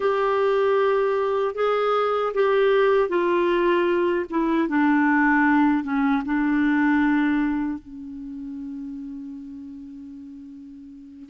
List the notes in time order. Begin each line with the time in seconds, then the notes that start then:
0.00 G4
1.54 G#4
2.34 G4
3.09 F4
4.30 E4
4.68 D4
5.83 C#4
6.25 D4
7.79 C#4